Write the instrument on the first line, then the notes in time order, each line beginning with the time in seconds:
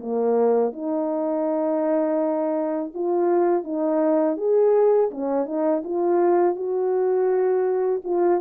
horn
0.00 A#3
0.73 D#4
2.94 F4
3.64 D#4
4.37 G#4
5.11 C#4
5.46 D#4
5.84 F4
6.56 F#4
8.05 F4